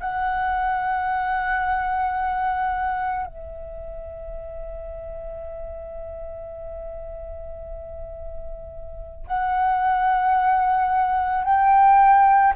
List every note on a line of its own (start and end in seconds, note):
0.00 3.26 F#5
3.26 9.26 E5
9.27 11.44 F#5
11.44 12.54 G5